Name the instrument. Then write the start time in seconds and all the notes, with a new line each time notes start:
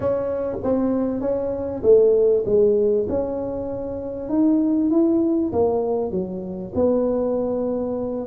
tuba
0.00 C#4
0.63 C4
1.21 C#4
1.83 A3
2.45 G#3
3.08 C#4
4.29 D#4
4.90 E4
5.52 A#3
6.11 F#3
6.74 B3